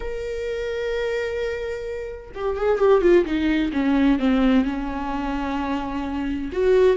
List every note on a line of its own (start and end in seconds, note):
0.00 2.31 A#4
2.34 2.56 G4
2.56 2.78 G#4
2.78 3.01 G4
3.01 3.24 F4
3.25 3.71 D#4
3.73 4.19 C#4
4.19 4.64 C4
4.64 6.50 C#4
6.52 6.96 F#4